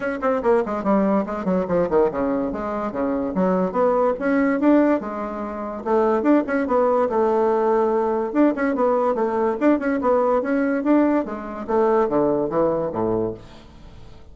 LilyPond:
\new Staff \with { instrumentName = "bassoon" } { \time 4/4 \tempo 4 = 144 cis'8 c'8 ais8 gis8 g4 gis8 fis8 | f8 dis8 cis4 gis4 cis4 | fis4 b4 cis'4 d'4 | gis2 a4 d'8 cis'8 |
b4 a2. | d'8 cis'8 b4 a4 d'8 cis'8 | b4 cis'4 d'4 gis4 | a4 d4 e4 a,4 | }